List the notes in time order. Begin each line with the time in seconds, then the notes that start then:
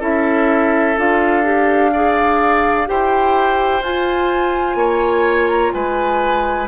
0.00 C#4 E4 A4 E5
0.97 D4 F4 F5
1.44 G4
1.93 G#4 D5
2.87 E4 G4 C5 G5
3.82 F4 G#5
4.75 A#3 C#5
5.48 A#5
5.73 G#3 B4 G#5